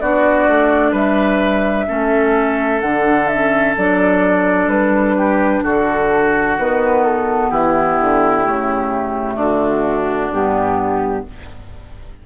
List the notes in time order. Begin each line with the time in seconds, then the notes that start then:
0.00 B3 D4 F#4 D5
0.47 A3
0.91 G3 B4 E5
1.88 A3 C#4 A4
2.81 D3 D4 F#5
3.27 C#4 E5
3.77 F#3 D4 D5
4.67 G3 B4
5.17 G4
5.63 D3 F#4 A4
6.58 D#3 B3 B4
7.04 A4
7.50 E3 E4 G4
8.01 D3
8.43 C#3 A3
9.35 D3 D4 F#4
10.31 G2 B3 G4